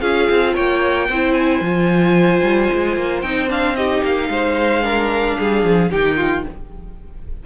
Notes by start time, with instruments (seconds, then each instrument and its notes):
0.00 cello C#4, viola F4, violin G#4 F5
0.30 cello C4
0.54 cello A#3, violin C#5 G5
1.08 cello C4, viola E4, violin C5
1.33 violin G#5
1.60 cello F3, viola F4
2.42 cello G3
2.73 cello G#3
2.96 cello A#3
3.22 cello C4, viola D#4, violin G5
3.48 viola D4, violin F5
3.76 viola D#4, violin G4 D#5
4.03 cello A#3, violin F5
4.28 cello G#3, violin C5
4.82 viola D4, violin A#4
5.39 cello G3, violin G#4
5.63 cello F3
5.91 cello D#3, viola D#4, violin G4 G5
6.17 violin F4